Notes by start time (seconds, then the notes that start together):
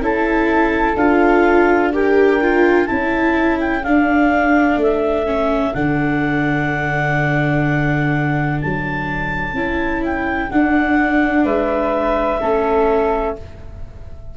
0.00 C#4 E4 A4 A5
0.96 D4 F4 F5
1.93 G4 A#4 G5
2.41 F4
2.86 C#4 E4 A4 A5
3.60 G5
3.83 D4 F5
4.76 A3 E5
5.26 C#4
5.74 D3 D4 F#5
8.61 F#3 A5
9.53 C#4 E4
10.04 G5
10.50 D4 F#5
11.44 G#3 B4 E5
12.40 A3 C#4 A4